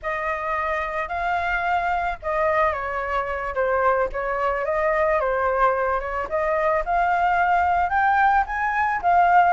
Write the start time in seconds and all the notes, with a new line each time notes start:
0.02 D#5
1.08 F5
2.22 D#5
2.72 C#5
3.54 C5
4.12 C#5
4.65 D#5
5.20 C5
6.00 C#5
6.29 D#5
6.85 F5
7.89 G5
8.46 G#5
9.01 F5